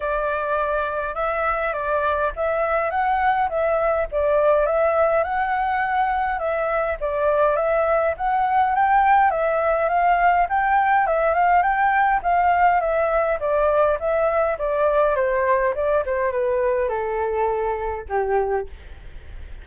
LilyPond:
\new Staff \with { instrumentName = "flute" } { \time 4/4 \tempo 4 = 103 d''2 e''4 d''4 | e''4 fis''4 e''4 d''4 | e''4 fis''2 e''4 | d''4 e''4 fis''4 g''4 |
e''4 f''4 g''4 e''8 f''8 | g''4 f''4 e''4 d''4 | e''4 d''4 c''4 d''8 c''8 | b'4 a'2 g'4 | }